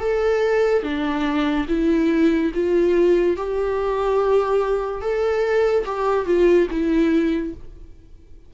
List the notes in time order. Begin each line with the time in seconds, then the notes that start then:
0.00 A4
0.83 D4
1.69 E4
2.55 F4
3.37 G4
5.02 A4
5.86 G4
6.26 F4
6.71 E4